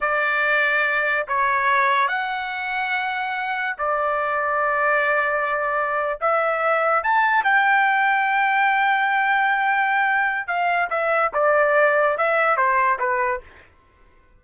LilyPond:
\new Staff \with { instrumentName = "trumpet" } { \time 4/4 \tempo 4 = 143 d''2. cis''4~ | cis''4 fis''2.~ | fis''4 d''2.~ | d''2~ d''8. e''4~ e''16~ |
e''8. a''4 g''2~ g''16~ | g''1~ | g''4 f''4 e''4 d''4~ | d''4 e''4 c''4 b'4 | }